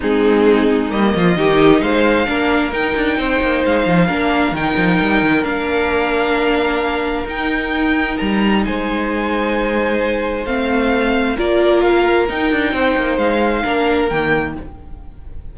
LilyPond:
<<
  \new Staff \with { instrumentName = "violin" } { \time 4/4 \tempo 4 = 132 gis'2 dis''2 | f''2 g''2 | f''2 g''2 | f''1 |
g''2 ais''4 gis''4~ | gis''2. f''4~ | f''4 d''4 f''4 g''4~ | g''4 f''2 g''4 | }
  \new Staff \with { instrumentName = "violin" } { \time 4/4 dis'2~ dis'8 f'8 g'4 | c''4 ais'2 c''4~ | c''4 ais'2.~ | ais'1~ |
ais'2. c''4~ | c''1~ | c''4 ais'2. | c''2 ais'2 | }
  \new Staff \with { instrumentName = "viola" } { \time 4/4 c'2 ais4 dis'4~ | dis'4 d'4 dis'2~ | dis'4 d'4 dis'2 | d'1 |
dis'1~ | dis'2. c'4~ | c'4 f'2 dis'4~ | dis'2 d'4 ais4 | }
  \new Staff \with { instrumentName = "cello" } { \time 4/4 gis2 g8 f8 dis4 | gis4 ais4 dis'8 d'8 c'8 ais8 | gis8 f8 ais4 dis8 f8 g8 dis8 | ais1 |
dis'2 g4 gis4~ | gis2. a4~ | a4 ais2 dis'8 d'8 | c'8 ais8 gis4 ais4 dis4 | }
>>